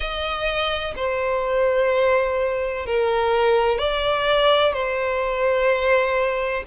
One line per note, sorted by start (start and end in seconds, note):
0.00 0.94 D#5
0.95 2.86 C5
2.86 3.78 A#4
3.78 4.73 D5
4.73 6.63 C5